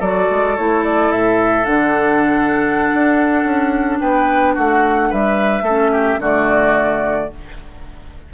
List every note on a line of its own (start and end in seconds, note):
0.00 0.28 F#3
0.00 0.58 F#4
0.00 3.99 A4
0.00 0.56 D5
0.31 0.58 G#3
0.56 1.12 A3
0.56 1.65 E4
0.56 0.84 C#5
0.84 1.12 D5
1.12 1.67 A2
1.12 1.66 E5
1.65 2.91 D3
1.65 5.64 D4
1.65 4.00 F#5
2.94 3.45 D4
3.45 4.00 C#4
4.00 4.57 B3
4.00 4.54 B4
4.00 4.55 G5
4.54 5.13 A3
4.54 5.09 F#4
4.54 5.13 F#5
5.10 5.62 G3
5.10 5.64 B4
5.10 6.23 E5
5.62 6.17 A3
5.62 5.91 A4
5.69 6.22 C#4
5.92 6.20 G4
6.19 7.29 D3
6.19 7.32 A3
6.19 7.31 F#4
6.19 7.34 D5